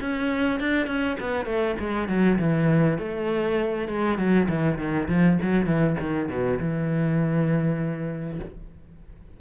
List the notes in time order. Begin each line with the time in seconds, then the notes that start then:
0.00 C#4
0.60 D4
0.86 C#4
1.20 B3
1.45 A3
1.79 G#3
2.08 F#3
2.38 E3
2.98 A3
3.88 G#3
4.18 F#3
4.48 E3
4.78 D#3
5.08 F3
5.42 F#3
5.66 E3
5.99 D#3
6.28 B2
6.59 E3